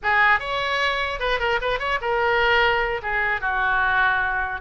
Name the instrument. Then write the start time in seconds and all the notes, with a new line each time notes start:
oboe
0.02 G#4
0.39 C#5
1.19 B4
1.39 A#4
1.61 B4
1.79 C#5
2.01 A#4
3.02 G#4
3.40 F#4